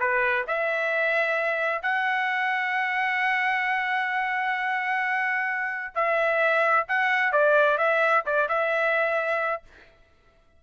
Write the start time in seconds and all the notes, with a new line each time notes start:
0.00 B4
0.48 E5
1.82 F#5
5.95 E5
6.88 F#5
7.32 D5
7.78 E5
8.26 D5
8.49 E5